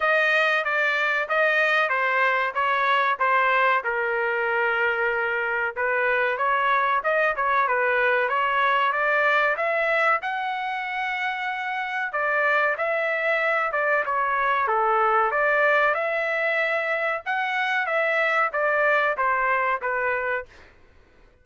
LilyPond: \new Staff \with { instrumentName = "trumpet" } { \time 4/4 \tempo 4 = 94 dis''4 d''4 dis''4 c''4 | cis''4 c''4 ais'2~ | ais'4 b'4 cis''4 dis''8 cis''8 | b'4 cis''4 d''4 e''4 |
fis''2. d''4 | e''4. d''8 cis''4 a'4 | d''4 e''2 fis''4 | e''4 d''4 c''4 b'4 | }